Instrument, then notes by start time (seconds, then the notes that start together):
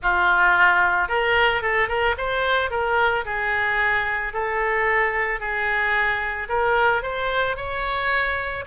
oboe
0.02 F4
1.08 A#4
1.61 A4
1.88 A#4
2.17 C5
2.70 A#4
3.25 G#4
4.33 A4
5.40 G#4
6.48 A#4
7.02 C5
7.56 C#5